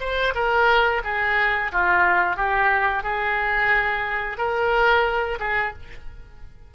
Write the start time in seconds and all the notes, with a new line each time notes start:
0.00 C5
0.35 A#4
1.04 G#4
1.72 F4
2.37 G4
3.04 G#4
4.38 A#4
5.40 G#4